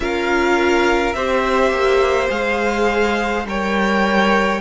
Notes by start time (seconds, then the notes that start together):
0.00 C#4 F4 A#4 F5
1.13 C4 G4 C5 E5
1.70 A#3
2.29 G#3 G#4 F5
3.44 G3 A#4 C#5 G5